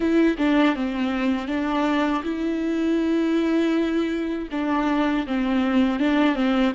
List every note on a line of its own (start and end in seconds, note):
0.00 0.36 E4
0.38 0.75 D4
0.75 1.47 C4
1.47 2.22 D4
2.23 4.48 E4
4.51 5.26 D4
5.26 5.99 C4
5.99 6.35 D4
6.35 6.72 C4